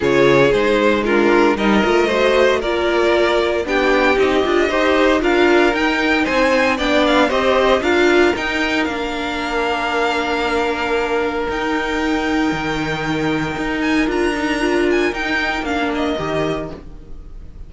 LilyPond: <<
  \new Staff \with { instrumentName = "violin" } { \time 4/4 \tempo 4 = 115 cis''4 c''4 ais'4 dis''4~ | dis''4 d''2 g''4 | dis''2 f''4 g''4 | gis''4 g''8 f''8 dis''4 f''4 |
g''4 f''2.~ | f''2 g''2~ | g''2~ g''8 gis''8 ais''4~ | ais''8 gis''8 g''4 f''8 dis''4. | }
  \new Staff \with { instrumentName = "violin" } { \time 4/4 gis'2 f'4 ais'4 | c''4 ais'2 g'4~ | g'4 c''4 ais'2 | c''4 d''4 c''4 ais'4~ |
ais'1~ | ais'1~ | ais'1~ | ais'1 | }
  \new Staff \with { instrumentName = "viola" } { \time 4/4 f'4 dis'4 d'4 dis'8 f'8 | fis'4 f'2 d'4 | dis'8 f'8 g'4 f'4 dis'4~ | dis'4 d'4 g'4 f'4 |
dis'4 d'2.~ | d'2 dis'2~ | dis'2. f'8 dis'8 | f'4 dis'4 d'4 g'4 | }
  \new Staff \with { instrumentName = "cello" } { \time 4/4 cis4 gis2 g8 a8~ | a4 ais2 b4 | c'8 d'8 dis'4 d'4 dis'4 | c'4 b4 c'4 d'4 |
dis'4 ais2.~ | ais2 dis'2 | dis2 dis'4 d'4~ | d'4 dis'4 ais4 dis4 | }
>>